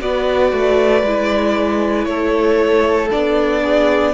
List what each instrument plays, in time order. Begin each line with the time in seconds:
0.00 cello B3, viola F#4, violin B4 D5
0.52 cello A3
1.03 cello G#3, viola E4
2.05 cello A3, violin A4 C#5
3.10 cello B3, viola D4, violin D5
3.63 violin G#4